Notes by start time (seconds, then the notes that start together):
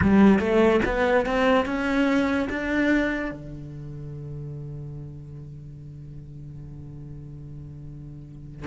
0.01 G3
0.39 A3
0.85 B3
1.26 C4
1.65 C#4
2.49 D4
3.31 D3